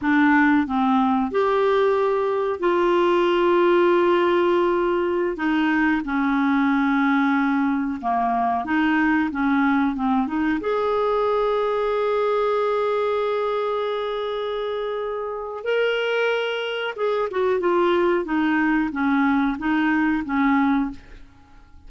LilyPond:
\new Staff \with { instrumentName = "clarinet" } { \time 4/4 \tempo 4 = 92 d'4 c'4 g'2 | f'1~ | f'16 dis'4 cis'2~ cis'8.~ | cis'16 ais4 dis'4 cis'4 c'8 dis'16~ |
dis'16 gis'2.~ gis'8.~ | gis'1 | ais'2 gis'8 fis'8 f'4 | dis'4 cis'4 dis'4 cis'4 | }